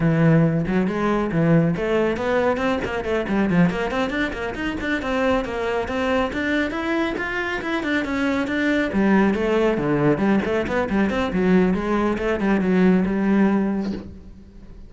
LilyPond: \new Staff \with { instrumentName = "cello" } { \time 4/4 \tempo 4 = 138 e4. fis8 gis4 e4 | a4 b4 c'8 ais8 a8 g8 | f8 ais8 c'8 d'8 ais8 dis'8 d'8 c'8~ | c'8 ais4 c'4 d'4 e'8~ |
e'8 f'4 e'8 d'8 cis'4 d'8~ | d'8 g4 a4 d4 g8 | a8 b8 g8 c'8 fis4 gis4 | a8 g8 fis4 g2 | }